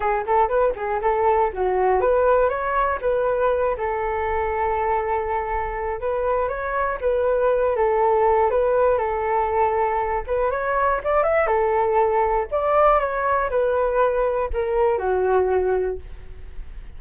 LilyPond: \new Staff \with { instrumentName = "flute" } { \time 4/4 \tempo 4 = 120 gis'8 a'8 b'8 gis'8 a'4 fis'4 | b'4 cis''4 b'4. a'8~ | a'1 | b'4 cis''4 b'4. a'8~ |
a'4 b'4 a'2~ | a'8 b'8 cis''4 d''8 e''8 a'4~ | a'4 d''4 cis''4 b'4~ | b'4 ais'4 fis'2 | }